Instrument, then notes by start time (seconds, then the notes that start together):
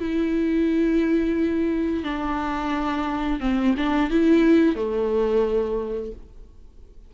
viola
0.00 E4
2.04 D4
3.41 C4
3.77 D4
4.10 E4
4.75 A3